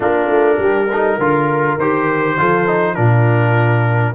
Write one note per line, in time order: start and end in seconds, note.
0.00 0.28 A#3
0.00 0.87 D4
0.00 0.59 F4
0.00 1.79 A#4
0.28 0.58 A3
0.58 1.18 G3
0.58 0.91 G4
0.91 1.20 D#4
0.91 1.19 A4
1.18 1.77 D3
1.18 1.79 F4
1.18 2.37 A#4
1.77 2.37 D#3
1.77 2.38 G4
1.77 2.94 C5
2.38 2.97 F3
2.38 2.67 F4
2.38 2.97 A4
2.67 2.95 D#4
2.94 4.14 A#2
2.94 4.14 D4
2.94 4.14 F4
2.94 4.13 A#4